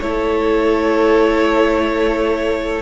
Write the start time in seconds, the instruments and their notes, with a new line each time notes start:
0.00 cello A3, viola E4, violin A4 C#5